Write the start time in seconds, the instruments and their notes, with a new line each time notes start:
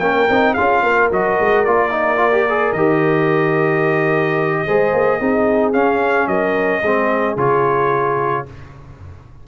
0.00 tuba A#3, trombone C#4, horn A#4, trumpet G5
0.30 tuba C4, trombone D#4
0.54 tuba C#4, trombone F4, horn G#4, trumpet F5
0.83 tuba A#3, horn A#4
1.11 tuba F#3, trombone F#4, trumpet D#5
1.41 tuba G#3
1.65 tuba A#3, trombone F4, trumpet D5
1.91 trombone D#4
2.17 trombone F4
2.32 trombone G4
2.49 trombone G#4
2.73 tuba D#3, trombone G4, trumpet D#5
4.67 tuba G#3, trombone G#4, horn C5
4.94 tuba A#3
5.19 tuba C4, trombone D#4, horn G#4
5.73 tuba C#4, trombone C#4, trumpet F5
6.27 tuba F#3, horn A#4, trumpet D#5
6.81 tuba G#3, trombone C4, horn G#4
7.37 tuba C#3, trombone F4, trumpet C#5